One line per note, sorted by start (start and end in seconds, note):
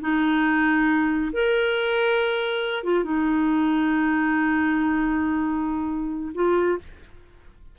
0.00 1.31 D#4
1.32 2.83 A#4
2.83 3.04 F4
3.04 6.32 D#4
6.34 6.78 F4